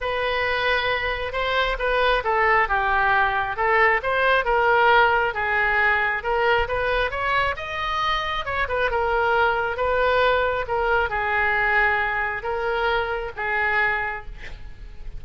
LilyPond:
\new Staff \with { instrumentName = "oboe" } { \time 4/4 \tempo 4 = 135 b'2. c''4 | b'4 a'4 g'2 | a'4 c''4 ais'2 | gis'2 ais'4 b'4 |
cis''4 dis''2 cis''8 b'8 | ais'2 b'2 | ais'4 gis'2. | ais'2 gis'2 | }